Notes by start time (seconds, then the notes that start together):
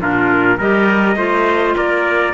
0.00 A#2 D4 F4 A#4
0.58 G3 G4 A#4 D#5
1.16 A3 F4 C5
1.77 A#3 A#4 D5